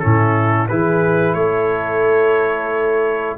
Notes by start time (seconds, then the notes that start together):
0.00 A2 C#4 E4 A4
0.68 E3 E4 G#4 B4
1.35 A3 A4 C#5